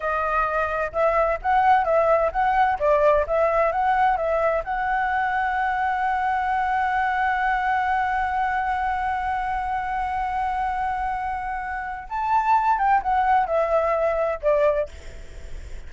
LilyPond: \new Staff \with { instrumentName = "flute" } { \time 4/4 \tempo 4 = 129 dis''2 e''4 fis''4 | e''4 fis''4 d''4 e''4 | fis''4 e''4 fis''2~ | fis''1~ |
fis''1~ | fis''1~ | fis''2 a''4. g''8 | fis''4 e''2 d''4 | }